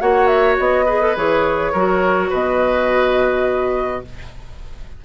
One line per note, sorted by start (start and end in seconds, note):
0.00 0.58 A#3
0.00 0.86 F#4
0.00 0.86 C#5
0.00 0.27 F#5
0.27 0.56 E5
0.59 1.16 B3
0.59 1.17 D#5
0.86 1.01 G#4
0.86 1.71 B4
1.01 1.16 A4
1.16 1.74 E3
1.16 1.73 G#4
1.16 2.31 C#5
1.72 2.31 F#3
1.72 4.05 F#4
1.72 2.30 A#4
2.30 4.03 B2
2.30 4.01 B4
2.30 4.05 D#5